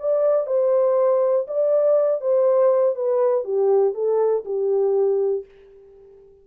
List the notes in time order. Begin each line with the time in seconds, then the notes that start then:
0.00 D5
0.47 C5
1.48 D5
2.21 C5
2.96 B4
3.45 G4
3.95 A4
4.46 G4